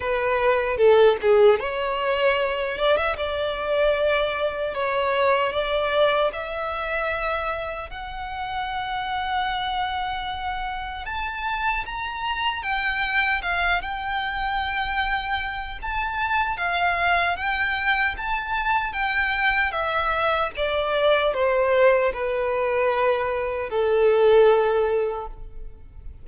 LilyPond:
\new Staff \with { instrumentName = "violin" } { \time 4/4 \tempo 4 = 76 b'4 a'8 gis'8 cis''4. d''16 e''16 | d''2 cis''4 d''4 | e''2 fis''2~ | fis''2 a''4 ais''4 |
g''4 f''8 g''2~ g''8 | a''4 f''4 g''4 a''4 | g''4 e''4 d''4 c''4 | b'2 a'2 | }